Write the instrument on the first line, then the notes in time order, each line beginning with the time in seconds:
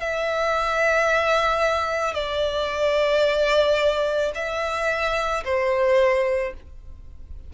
violin
0.00 E5
2.14 D5
4.34 E5
5.44 C5